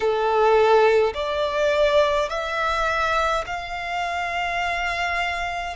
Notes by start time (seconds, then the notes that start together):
0.00 A4
1.13 D5
2.29 E5
3.46 F5